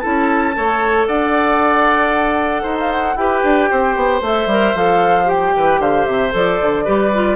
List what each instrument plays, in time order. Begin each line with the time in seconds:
0.00 bassoon C#4, clarinet E4, oboe A4, flute A5
0.55 bassoon A3, clarinet A4, oboe C#5
1.08 bassoon D4, oboe D5, flute F#5
2.63 bassoon D#4, oboe C5
2.80 flute F5
2.92 flute F#5
3.16 bassoon E4, clarinet G4, oboe B4, flute G5
3.44 bassoon D4
3.71 bassoon C4, oboe C5
3.97 bassoon B3
4.22 bassoon A3, clarinet A4, flute E5
4.47 bassoon G3, clarinet A#4
4.75 bassoon F3, clarinet A4, flute F5
5.26 clarinet G4, flute G5
5.57 bassoon E3, oboe B4
5.80 bassoon D3, oboe C5, flute F5
6.06 bassoon C3, flute E5
6.31 bassoon F3, clarinet A4, flute D5
6.62 bassoon D3
6.85 bassoon G3, clarinet G4, oboe B4
7.14 clarinet F4